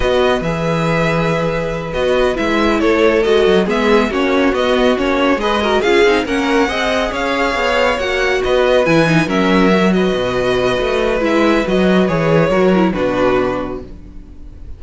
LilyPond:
<<
  \new Staff \with { instrumentName = "violin" } { \time 4/4 \tempo 4 = 139 dis''4 e''2.~ | e''8 dis''4 e''4 cis''4 dis''8~ | dis''8 e''4 cis''4 dis''4 cis''8~ | cis''8 dis''4 f''4 fis''4.~ |
fis''8 f''2 fis''4 dis''8~ | dis''8 gis''4 e''4. dis''4~ | dis''2 e''4 dis''4 | cis''2 b'2 | }
  \new Staff \with { instrumentName = "violin" } { \time 4/4 b'1~ | b'2~ b'8 a'4.~ | a'8 gis'4 fis'2~ fis'8~ | fis'8 b'8 ais'8 gis'4 ais'4 dis''8~ |
dis''8 cis''2. b'8~ | b'4. ais'4. b'4~ | b'1~ | b'4 ais'4 fis'2 | }
  \new Staff \with { instrumentName = "viola" } { \time 4/4 fis'4 gis'2.~ | gis'8 fis'4 e'2 fis'8~ | fis'8 b4 cis'4 b4 cis'8~ | cis'8 gis'8 fis'8 f'8 dis'8 cis'4 gis'8~ |
gis'2~ gis'8 fis'4.~ | fis'8 e'8 dis'8 cis'4 fis'4.~ | fis'2 e'4 fis'4 | gis'4 fis'8 e'8 d'2 | }
  \new Staff \with { instrumentName = "cello" } { \time 4/4 b4 e2.~ | e8 b4 gis4 a4 gis8 | fis8 gis4 ais4 b4 ais8~ | ais8 gis4 cis'8 c'8 ais4 c'8~ |
c'8 cis'4 b4 ais4 b8~ | b8 e4 fis2 b,8~ | b,4 a4 gis4 fis4 | e4 fis4 b,2 | }
>>